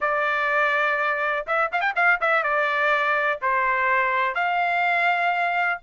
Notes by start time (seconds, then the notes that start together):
0.00 D5
1.46 E5
1.72 F5
1.81 G5
1.95 F5
2.21 E5
2.43 D5
3.41 C5
4.34 F5